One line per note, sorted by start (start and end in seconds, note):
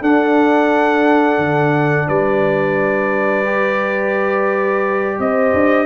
0.00 1.38 D4
0.00 3.45 D4
0.00 2.07 A4
0.00 2.08 F#5
1.38 2.07 D3
2.07 5.18 G3
2.07 5.17 B4
2.07 5.18 D5
3.45 5.86 G4
5.18 5.53 C4
5.18 5.86 C5
5.18 5.86 D#5
5.53 5.86 D4